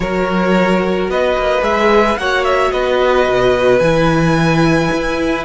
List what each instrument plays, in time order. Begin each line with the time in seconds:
0.00 cello F#3, viola F#4, violin A#4 C#5
1.09 cello B3, violin B4 D#5
1.37 cello A#3
1.61 cello G#3, viola G#4, violin E5
2.17 cello A#3, viola F#4, violin C#5 F#5
2.44 violin E5
2.71 cello B3, violin B4 D#5
3.28 cello B2
3.79 cello E3, viola E4, violin G#5
4.92 cello E4